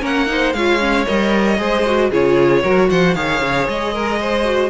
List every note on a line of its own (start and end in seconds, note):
0.00 0.53 A#3
0.00 0.26 C#4
0.00 0.27 A#4
0.00 0.53 F#5
0.26 0.52 D#4
0.26 0.56 C5
0.53 1.05 G#3
0.53 0.79 F4
0.53 1.60 C#5
0.53 1.05 F5
0.79 1.05 C#4
1.06 1.58 G3
1.06 1.57 A#4
1.06 2.11 D#5
1.57 2.10 G#3
1.57 1.83 G#4
1.57 2.10 C5
1.85 2.11 F#4
2.10 2.63 C#3
2.10 2.63 F4
2.10 2.62 G#4
2.10 2.90 C#5
2.63 2.90 F#3
2.63 3.15 F#4
2.63 2.89 A#4
2.90 3.15 F3
2.90 3.16 C5
2.90 3.14 F#5
3.14 3.41 D#3
3.14 4.43 G#4
3.14 3.93 C#5
3.14 3.66 F5
3.41 3.67 C#3
3.68 4.70 G#3
3.68 4.70 D#5
3.93 4.19 A#4
4.20 4.70 C5
4.43 4.70 F#4